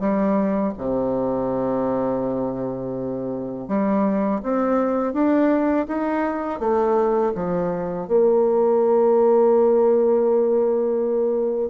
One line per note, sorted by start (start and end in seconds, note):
0.00 0.73 G3
0.77 3.68 C3
3.68 4.41 G3
4.43 5.13 C4
5.13 5.86 D4
5.88 6.60 D#4
6.60 7.33 A3
7.35 8.08 F3
8.08 11.70 A#3